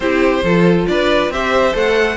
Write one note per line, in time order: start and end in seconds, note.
0.00 0.42 C4
0.00 0.45 E4
0.00 0.44 G4
0.00 0.86 C5
0.43 0.87 F3
0.43 1.33 F4
0.43 0.87 A4
0.87 1.29 D4
0.87 1.32 B4
0.87 1.31 D5
1.29 1.73 C4
1.29 1.72 G4
1.29 2.17 C5
1.29 1.76 E5
1.72 2.17 A3
1.72 2.16 A4
1.72 2.17 F#5